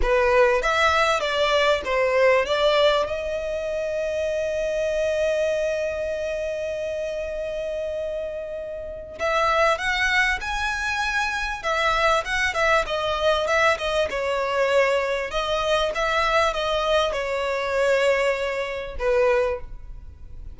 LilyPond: \new Staff \with { instrumentName = "violin" } { \time 4/4 \tempo 4 = 98 b'4 e''4 d''4 c''4 | d''4 dis''2.~ | dis''1~ | dis''2. e''4 |
fis''4 gis''2 e''4 | fis''8 e''8 dis''4 e''8 dis''8 cis''4~ | cis''4 dis''4 e''4 dis''4 | cis''2. b'4 | }